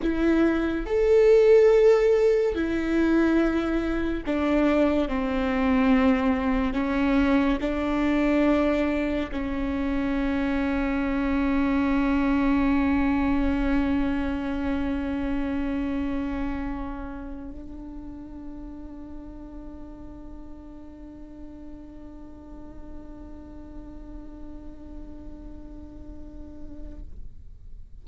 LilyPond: \new Staff \with { instrumentName = "viola" } { \time 4/4 \tempo 4 = 71 e'4 a'2 e'4~ | e'4 d'4 c'2 | cis'4 d'2 cis'4~ | cis'1~ |
cis'1~ | cis'8. d'2.~ d'16~ | d'1~ | d'1 | }